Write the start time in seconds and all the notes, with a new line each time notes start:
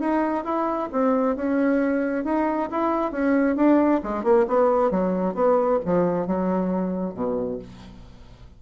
0.00 D#4
0.45 E4
0.92 C4
1.36 C#4
2.25 D#4
2.71 E4
3.12 C#4
3.56 D4
4.04 G#3
4.24 A#3
4.48 B3
4.91 F#3
5.35 B3
5.86 F3
6.27 F#3
7.14 B2